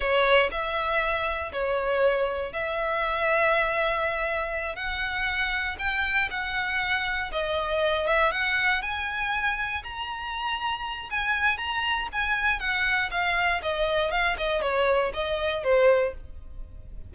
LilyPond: \new Staff \with { instrumentName = "violin" } { \time 4/4 \tempo 4 = 119 cis''4 e''2 cis''4~ | cis''4 e''2.~ | e''4. fis''2 g''8~ | g''8 fis''2 dis''4. |
e''8 fis''4 gis''2 ais''8~ | ais''2 gis''4 ais''4 | gis''4 fis''4 f''4 dis''4 | f''8 dis''8 cis''4 dis''4 c''4 | }